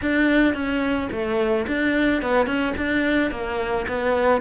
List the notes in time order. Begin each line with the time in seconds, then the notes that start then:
0.01 D4
0.54 C#4
1.11 A3
1.67 D4
2.22 B3
2.46 C#4
2.77 D4
3.30 A#3
3.88 B3